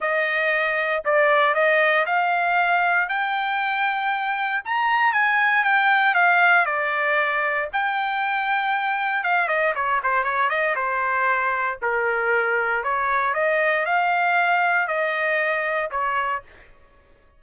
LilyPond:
\new Staff \with { instrumentName = "trumpet" } { \time 4/4 \tempo 4 = 117 dis''2 d''4 dis''4 | f''2 g''2~ | g''4 ais''4 gis''4 g''4 | f''4 d''2 g''4~ |
g''2 f''8 dis''8 cis''8 c''8 | cis''8 dis''8 c''2 ais'4~ | ais'4 cis''4 dis''4 f''4~ | f''4 dis''2 cis''4 | }